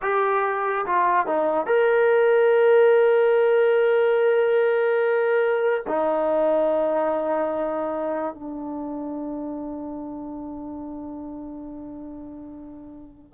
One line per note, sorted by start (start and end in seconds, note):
0.02 0.85 G4
0.86 1.26 F4
1.26 1.66 D#4
1.66 5.83 A#4
5.87 8.34 D#4
8.34 13.34 D4